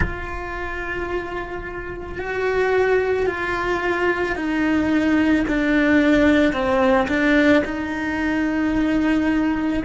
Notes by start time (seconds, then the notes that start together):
0.00 F4
2.18 F#4
3.26 F4
4.35 D#4
5.47 D4
6.53 C4
7.08 D4
7.65 D#4